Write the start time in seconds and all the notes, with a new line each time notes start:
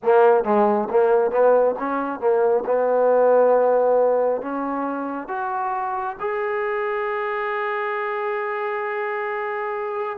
0.02 A#3
0.44 G#3
0.90 A#3
1.31 B3
1.78 C#4
2.19 A#3
2.65 B3
4.41 C#4
5.27 F#4
6.20 G#4